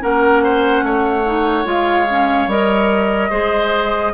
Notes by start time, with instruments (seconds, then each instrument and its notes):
0.00 bassoon A#3, clarinet C#4, oboe A#4, flute F#5
0.43 oboe C5
0.82 bassoon A3, oboe C#5
1.26 clarinet D#4
1.65 bassoon G#3, clarinet F4, flute F5
2.10 clarinet C#4
2.47 bassoon G3, clarinet A#4, flute D#5
3.30 bassoon G#3, clarinet G#4, oboe C5